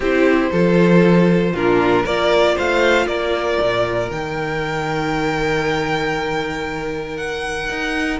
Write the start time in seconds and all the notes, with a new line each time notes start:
0.00 C4 E4 G4 C5
0.51 F3 F4 A4
1.52 A#2 D4 F4 A#4
2.03 A#3 F4 A#4 D5
2.55 A3 C5 F5
3.06 A#3 A#4 D5
3.60 A#2
4.10 D#3 D#4 G5
7.16 F#5
7.69 D#4